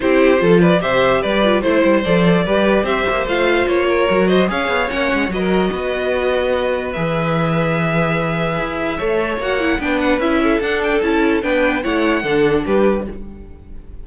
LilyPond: <<
  \new Staff \with { instrumentName = "violin" } { \time 4/4 \tempo 4 = 147 c''4. d''8 e''4 d''4 | c''4 d''2 e''4 | f''4 cis''4. dis''8 f''4 | fis''4 dis''2.~ |
dis''4 e''2.~ | e''2. fis''4 | g''8 fis''8 e''4 fis''8 g''8 a''4 | g''4 fis''2 b'4 | }
  \new Staff \with { instrumentName = "violin" } { \time 4/4 g'4 a'8 b'8 c''4 b'4 | c''2 b'4 c''4~ | c''4. ais'4 c''8 cis''4~ | cis''4 b'16 ais'8. b'2~ |
b'1~ | b'2 cis''2 | b'4. a'2~ a'8 | b'4 cis''4 a'4 g'4 | }
  \new Staff \with { instrumentName = "viola" } { \time 4/4 e'4 f'4 g'4. f'8 | e'4 a'4 g'2 | f'2 fis'4 gis'4 | cis'4 fis'2.~ |
fis'4 gis'2.~ | gis'2 a'4 fis'8 e'8 | d'4 e'4 d'4 e'4 | d'4 e'4 d'2 | }
  \new Staff \with { instrumentName = "cello" } { \time 4/4 c'4 f4 c4 g4 | a8 g8 f4 g4 c'8 ais8 | a4 ais4 fis4 cis'8 b8 | ais8 gis8 fis4 b2~ |
b4 e2.~ | e4 e'4 a4 ais4 | b4 cis'4 d'4 cis'4 | b4 a4 d4 g4 | }
>>